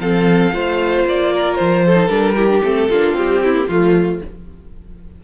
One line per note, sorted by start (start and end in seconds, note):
0.00 0.53 F3
0.00 0.53 C4
0.00 0.54 A4
0.00 1.06 F5
0.53 1.05 A3
0.53 1.94 F4
0.53 1.33 C5
1.05 1.58 A#3
1.05 1.56 D5
1.33 1.86 A#4
1.56 2.09 F3
1.56 2.09 C5
1.86 2.36 A4
1.94 2.07 D#4
2.09 2.62 G3
2.09 2.36 D4
2.09 2.61 A#4
2.36 2.49 E4
2.36 2.89 G4
2.49 2.62 D4
2.64 2.90 A3
2.64 2.91 C4
2.64 3.17 A4
2.90 3.14 A#3
2.90 3.19 D4
2.90 3.43 F4
3.14 3.45 G3
3.14 3.67 C4
3.14 3.70 G4
3.44 3.55 C4
3.44 3.68 E4
3.55 3.68 A#3
3.68 4.22 F3
3.68 4.24 A3
3.68 4.21 F4
3.68 4.25 F4